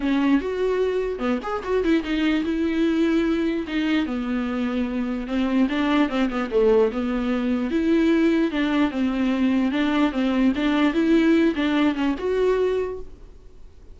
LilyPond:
\new Staff \with { instrumentName = "viola" } { \time 4/4 \tempo 4 = 148 cis'4 fis'2 b8 gis'8 | fis'8 e'8 dis'4 e'2~ | e'4 dis'4 b2~ | b4 c'4 d'4 c'8 b8 |
a4 b2 e'4~ | e'4 d'4 c'2 | d'4 c'4 d'4 e'4~ | e'8 d'4 cis'8 fis'2 | }